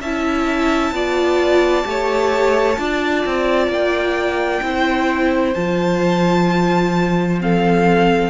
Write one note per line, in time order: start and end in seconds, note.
0.00 0.91 C#4
0.00 0.94 E4
0.00 0.93 E5
0.00 3.72 A5
0.91 1.84 B3
0.91 1.83 F4
0.91 1.87 D5
1.83 2.78 A3
1.83 2.76 G4
1.90 2.79 C#5
2.78 3.25 D4
2.78 4.62 F4
2.78 4.64 D5
3.26 3.68 C4
3.68 4.60 A#3
3.68 5.54 G5
4.62 5.54 C4
4.62 5.55 E4
4.62 7.43 C5
5.54 8.30 F3
5.54 7.39 F4
5.54 7.38 A5
7.39 8.30 C4
7.39 8.30 A4
7.39 8.30 F5